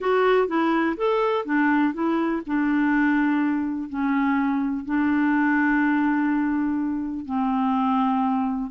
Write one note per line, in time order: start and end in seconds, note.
0.00 0.47 F#4
0.47 0.96 E4
0.97 1.45 A4
1.45 1.93 D4
1.93 2.42 E4
2.46 3.89 D4
3.89 4.85 C#4
4.85 7.25 D4
7.25 8.70 C4